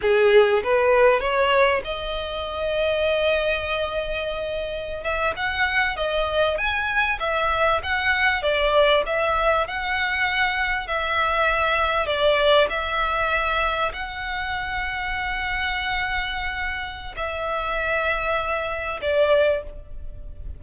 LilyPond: \new Staff \with { instrumentName = "violin" } { \time 4/4 \tempo 4 = 98 gis'4 b'4 cis''4 dis''4~ | dis''1~ | dis''16 e''8 fis''4 dis''4 gis''4 e''16~ | e''8. fis''4 d''4 e''4 fis''16~ |
fis''4.~ fis''16 e''2 d''16~ | d''8. e''2 fis''4~ fis''16~ | fis''1 | e''2. d''4 | }